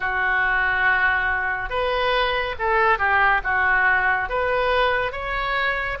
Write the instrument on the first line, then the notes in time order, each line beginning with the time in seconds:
oboe
0.00 F#4
1.69 B4
2.58 A4
2.98 G4
3.43 F#4
4.29 B4
5.12 C#5